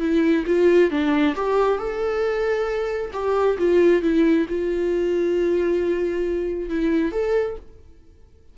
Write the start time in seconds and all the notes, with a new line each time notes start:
0.00 E4
0.47 F4
0.91 D4
1.36 G4
1.79 A4
3.13 G4
3.58 F4
4.03 E4
4.49 F4
6.70 E4
7.12 A4